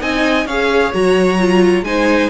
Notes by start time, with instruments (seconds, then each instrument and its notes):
0.00 cello C4, viola D#4, violin D#5 G#5
0.46 cello C#4, viola G#4, violin C#5 F5
0.93 cello F#3, viola F#4, violin A#5
1.39 viola F4
1.81 cello G#3, viola D#4, violin C5 G#5